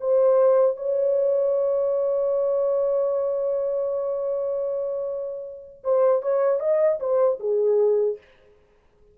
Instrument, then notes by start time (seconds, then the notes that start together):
horn
0.00 C5
0.77 C#5
5.84 C5
6.22 C#5
6.60 D#5
7.00 C5
7.40 G#4